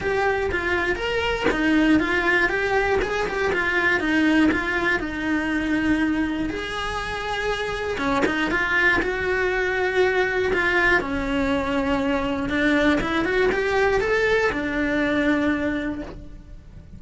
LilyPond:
\new Staff \with { instrumentName = "cello" } { \time 4/4 \tempo 4 = 120 g'4 f'4 ais'4 dis'4 | f'4 g'4 gis'8 g'8 f'4 | dis'4 f'4 dis'2~ | dis'4 gis'2. |
cis'8 dis'8 f'4 fis'2~ | fis'4 f'4 cis'2~ | cis'4 d'4 e'8 fis'8 g'4 | a'4 d'2. | }